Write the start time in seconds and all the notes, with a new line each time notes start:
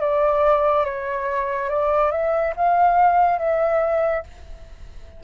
0.00 D5
0.85 C#5
1.69 D5
2.11 E5
2.56 F5
3.38 E5